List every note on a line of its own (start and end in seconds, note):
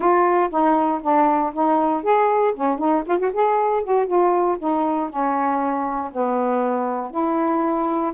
0.00 0.49 F4
0.50 1.01 D#4
1.02 1.53 D4
1.53 2.03 D#4
2.03 2.54 G#4
2.54 2.78 C#4
2.78 3.03 D#4
3.06 3.18 F4
3.18 3.31 F#4
3.33 3.83 G#4
3.83 4.06 F#4
4.06 4.57 F4
4.59 5.09 D#4
5.09 6.11 C#4
6.12 7.10 B3
7.10 8.12 E4